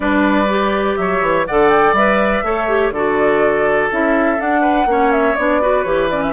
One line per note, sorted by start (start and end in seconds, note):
0.00 0.96 G3
0.00 0.45 D4
0.00 0.98 B4
0.00 0.96 D5
0.49 1.47 G4
0.96 1.21 F#3
0.96 1.47 C#5
0.96 1.45 E5
1.21 1.45 E3
1.47 1.92 D3
1.47 1.97 A4
1.47 2.44 D5
1.47 1.69 F#5
1.69 1.94 G5
1.92 2.41 G3
1.92 2.44 B4
1.92 2.92 E5
2.43 2.90 A3
2.43 2.68 A4
2.43 2.93 C#5
2.68 2.93 G4
2.90 3.88 D3
2.90 3.90 F#4
2.90 4.61 A4
2.90 3.90 D5
3.90 4.39 C#4
3.90 4.37 E4
3.90 4.40 E5
4.37 4.86 D4
4.37 4.85 D4
4.37 5.11 F#5
4.61 4.85 B4
4.85 5.34 A#3
4.85 5.37 C#4
4.85 5.61 C#5
5.11 5.35 E5
5.35 5.84 B3
5.35 5.61 D4
5.35 5.83 D5
5.61 5.85 F#4
5.61 6.32 B4
5.83 6.32 E3
5.83 6.10 G4
5.83 6.07 C#5
6.10 6.32 C#4
6.10 6.22 D5
6.22 6.32 E5